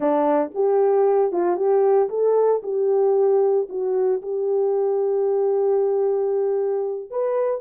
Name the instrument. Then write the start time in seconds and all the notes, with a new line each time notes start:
horn
0.00 D4
0.54 G4
1.32 F4
1.56 G4
2.09 A4
2.62 G4
3.69 F#4
4.22 G4
7.10 B4